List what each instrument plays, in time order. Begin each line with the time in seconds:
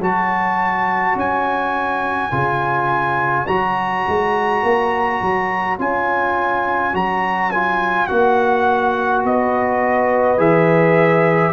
0.00 tuba F#3, trombone F#4, horn C#5, trumpet A5
1.15 tuba C#4, trumpet G#5
2.31 tuba C#3, trombone F4
3.47 tuba F#3, trombone F#4, trumpet A#5
4.08 tuba G#3
4.63 tuba A#3
5.22 tuba F#3
5.79 tuba C#4, trombone F4, trumpet G#5
6.94 tuba F#3, trombone F#4, trumpet A#5
7.52 trombone F4, trumpet G#5
8.07 tuba A#3, trombone F#4, trumpet F#5
9.25 tuba B3, horn B4, trumpet D#5
10.38 tuba E3, trombone G#4, trumpet E5